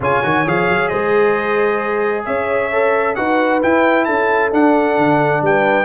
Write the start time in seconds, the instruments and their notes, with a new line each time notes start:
0.00 tuba C#3, trombone F4, horn C#5, trumpet G#5
0.23 tuba D#3, trombone F#4
0.46 tuba F3, trombone G#4, trumpet F5
0.68 tuba F#3
0.88 tuba G#3, horn C5, trumpet D#5
2.25 tuba C#4, horn C#5, trumpet E5
2.71 trombone A4
3.15 tuba D#4, trombone F#4, horn B4, trumpet F#5
3.61 trombone E4, tuba E4, trumpet G5
4.04 tuba C#4, horn A4, trumpet A5
4.51 trombone D4, tuba D4, trumpet F#5
4.97 tuba D3
5.41 tuba G3, horn B4, trumpet G5